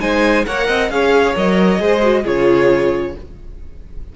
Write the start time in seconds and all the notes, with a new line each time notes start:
0.00 G#3 D#4 C5 G#5
0.47 A#3 A#4 C#5 F#5
0.67 C4 D#5
0.90 C#4 G#4 C#5 F5
1.36 F#3 A#4 D#5
1.79 G#3 G#4 C5
2.02 F#4
2.23 C#3 F4 G#4 C#5